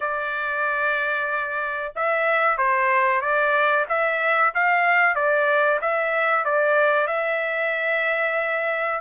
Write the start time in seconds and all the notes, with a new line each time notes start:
0.00 D5
1.95 E5
2.57 C5
3.21 D5
3.88 E5
4.54 F5
5.15 D5
5.81 E5
6.44 D5
7.07 E5